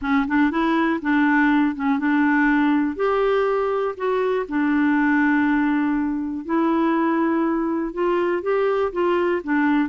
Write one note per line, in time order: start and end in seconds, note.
0.01 0.26 C#4
0.27 0.50 D4
0.50 1.00 E4
1.01 1.75 D4
1.75 1.98 C#4
1.98 2.96 D4
2.96 3.95 G4
3.96 4.46 F#4
4.48 6.45 D4
6.45 7.93 E4
7.93 8.42 F4
8.42 8.91 G4
8.92 9.41 F4
9.43 9.89 D4